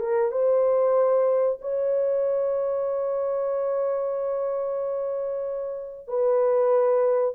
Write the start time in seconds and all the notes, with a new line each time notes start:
0.00 A#4
0.32 C5
1.61 C#5
6.08 B4